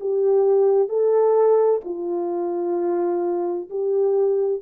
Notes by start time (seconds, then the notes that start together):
0.00 G4
0.88 A4
1.85 F4
3.70 G4